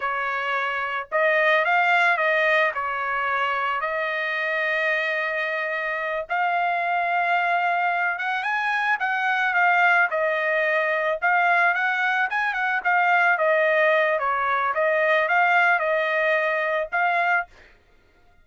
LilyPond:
\new Staff \with { instrumentName = "trumpet" } { \time 4/4 \tempo 4 = 110 cis''2 dis''4 f''4 | dis''4 cis''2 dis''4~ | dis''2.~ dis''8 f''8~ | f''2. fis''8 gis''8~ |
gis''8 fis''4 f''4 dis''4.~ | dis''8 f''4 fis''4 gis''8 fis''8 f''8~ | f''8 dis''4. cis''4 dis''4 | f''4 dis''2 f''4 | }